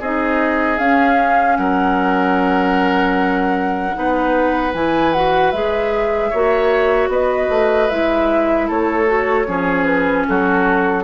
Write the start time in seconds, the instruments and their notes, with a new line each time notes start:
0.00 bassoon C4, clarinet D#4, oboe G#4, flute D#5
0.78 clarinet C#4, bassoon C#4, flute F5
1.57 bassoon F#3, oboe A#4, flute F#5
3.94 bassoon B3, clarinet D#4, oboe B4
4.74 bassoon E3, clarinet E4, flute G#5
5.12 clarinet F#4, flute F#5
5.51 bassoon G#3, clarinet G#4, flute E5
6.30 bassoon A#3, clarinet F#4, oboe C#5
7.08 bassoon B3, oboe B4, flute D#5
7.50 bassoon A3
7.90 bassoon G#3, clarinet E4, flute E5
8.68 bassoon A3, oboe A4, flute C#5
9.06 clarinet F#4
9.47 bassoon F3, clarinet C#4, oboe G#4
9.85 flute B4
10.28 bassoon F#3, oboe F#4, flute A4